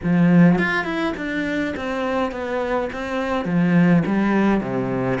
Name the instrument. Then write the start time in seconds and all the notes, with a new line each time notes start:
cello
0.03 F3
0.58 F4
0.84 E4
1.16 D4
1.76 C4
2.31 B3
2.92 C4
3.45 F3
4.05 G3
4.60 C3